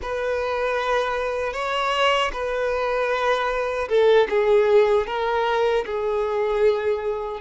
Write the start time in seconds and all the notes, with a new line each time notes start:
0.02 B4
1.53 C#5
2.32 B4
3.88 A4
4.29 G#4
5.06 A#4
5.85 G#4